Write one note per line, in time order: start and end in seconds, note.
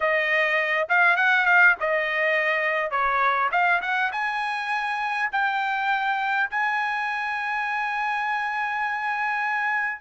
0.00 0.87 D#5
0.88 1.16 F5
1.16 1.45 F#5
1.45 1.75 F5
1.79 2.90 D#5
2.90 3.49 C#5
3.51 3.81 F5
3.81 4.11 F#5
4.11 5.29 G#5
5.32 6.49 G5
6.50 10.01 G#5